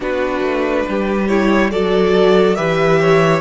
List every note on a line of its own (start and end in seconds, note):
0.00 0.41 B3
0.00 1.26 D4
0.00 0.86 F#4
0.00 1.27 B4
0.41 0.84 A3
0.88 1.71 G3
0.88 1.70 G4
1.27 1.71 E4
1.27 1.70 C#5
1.70 2.57 F#3
1.70 2.56 F#4
1.70 2.56 A4
1.70 2.55 D5
2.55 3.41 E3
2.55 3.41 G4
2.55 2.99 B4
2.55 3.41 E5
2.99 3.41 C#5